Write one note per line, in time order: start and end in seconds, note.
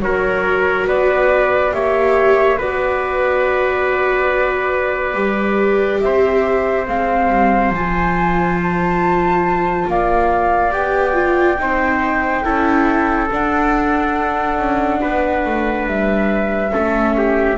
0.00 0.86 F#3
0.00 1.72 F#4
0.00 0.87 A#4
0.00 0.86 C#5
0.86 1.72 B3
0.86 1.73 B4
0.86 1.73 D5
1.72 2.60 A#3
1.72 2.58 G4
1.72 2.58 C#5
1.72 2.59 E5
2.58 5.14 B3
2.58 5.14 F#4
2.58 6.01 B4
2.58 6.00 D5
5.14 6.00 G3
5.14 6.86 G4
6.00 6.88 C4
6.00 9.90 C5
6.00 6.86 E5
6.87 7.30 G#3
6.87 7.73 C4
6.87 7.72 F5
7.30 7.70 G3
7.70 9.85 F3
7.70 10.71 F4
7.70 8.59 G#5
8.62 9.89 A5
9.87 10.73 A#3
9.87 11.62 D5
9.87 10.72 F5
10.71 11.58 B3
10.71 11.13 G4
10.71 13.29 G5
11.13 11.56 F4
11.58 12.44 C4
11.58 12.43 D#4
11.58 12.44 C5
12.43 13.30 C#4
12.43 13.29 E4
12.43 15.01 A4
13.31 16.70 D4
13.31 14.58 D4
13.31 15.87 F#5
14.58 15.01 C#4
15.01 15.45 B3
15.01 16.72 B4
15.45 15.87 A3
15.87 16.72 G3
15.87 17.57 E5
16.70 17.57 A3
16.70 17.56 C#4
16.70 17.16 A4
17.17 17.57 G4